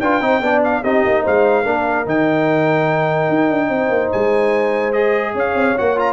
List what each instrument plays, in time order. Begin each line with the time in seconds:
0.00 tuba D4, trombone F4, horn B4, trumpet G5
0.21 tuba C4, trombone D#4, horn C5
0.40 tuba B3, trombone D4, horn D5
0.64 trumpet F5
0.82 tuba C4, trombone D#4, horn G4, trumpet D#5
1.05 tuba A#3
1.22 tuba G#3, horn C5, trumpet F5
1.63 tuba A#3, trombone D4, horn A#4
2.06 tuba D#3, trombone D#4, trumpet G5
3.29 tuba D#4
3.50 tuba D4
3.69 tuba C4, horn C5
3.89 tuba A#3
4.12 tuba G#3, trumpet G#5
4.93 trombone G#4, trumpet D#5
5.33 tuba C#4, horn C#5, trumpet F5
5.55 tuba C4
5.77 tuba A#3, trombone F#4, trumpet F#5
5.96 trombone F4, trumpet A#5